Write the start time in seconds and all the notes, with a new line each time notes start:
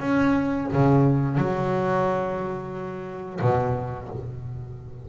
0.00 C#4
0.73 C#3
1.38 F#3
3.41 B2